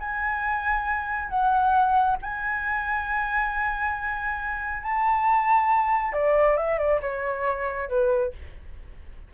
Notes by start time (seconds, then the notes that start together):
0.00 G#5
1.29 F#5
2.22 G#5
4.83 A5
6.13 D5
6.57 E5
6.78 D5
7.01 C#5
7.89 B4